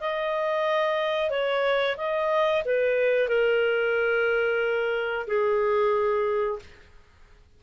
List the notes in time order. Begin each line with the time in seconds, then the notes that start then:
0.00 D#5
1.30 C#5
1.97 D#5
2.65 B4
3.28 A#4
5.27 G#4